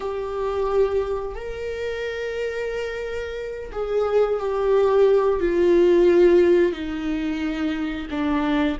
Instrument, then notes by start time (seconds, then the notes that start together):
viola
0.00 G4
1.35 A#4
3.72 G#4
4.39 G4
5.40 F4
6.72 D#4
8.10 D4